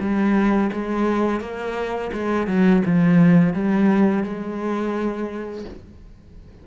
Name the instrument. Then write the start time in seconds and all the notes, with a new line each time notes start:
cello
0.00 G3
0.73 G#3
1.41 A#3
2.13 G#3
2.47 F#3
2.85 F3
3.54 G3
4.24 G#3